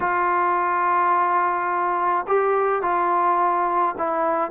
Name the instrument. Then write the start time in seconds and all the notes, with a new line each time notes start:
trombone
0.00 F4
2.27 G4
2.82 F4
3.98 E4